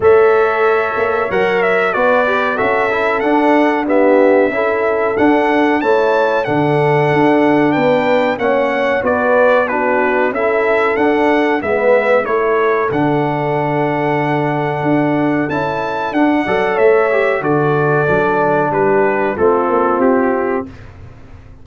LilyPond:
<<
  \new Staff \with { instrumentName = "trumpet" } { \time 4/4 \tempo 4 = 93 e''2 fis''8 e''8 d''4 | e''4 fis''4 e''2 | fis''4 a''4 fis''2 | g''4 fis''4 d''4 b'4 |
e''4 fis''4 e''4 cis''4 | fis''1 | a''4 fis''4 e''4 d''4~ | d''4 b'4 a'4 g'4 | }
  \new Staff \with { instrumentName = "horn" } { \time 4/4 cis''2. b'4 | a'2 g'4 a'4~ | a'4 cis''4 a'2 | b'4 cis''4 b'4 fis'4 |
a'2 b'4 a'4~ | a'1~ | a'4. d''8 cis''4 a'4~ | a'4 g'4 f'2 | }
  \new Staff \with { instrumentName = "trombone" } { \time 4/4 a'2 ais'4 fis'8 g'8 | fis'8 e'8 d'4 b4 e'4 | d'4 e'4 d'2~ | d'4 cis'4 fis'4 d'4 |
e'4 d'4 b4 e'4 | d'1 | e'4 d'8 a'4 g'8 fis'4 | d'2 c'2 | }
  \new Staff \with { instrumentName = "tuba" } { \time 4/4 a4. ais8 fis4 b4 | cis'4 d'2 cis'4 | d'4 a4 d4 d'4 | b4 ais4 b2 |
cis'4 d'4 gis4 a4 | d2. d'4 | cis'4 d'8 fis8 a4 d4 | fis4 g4 a8 ais8 c'4 | }
>>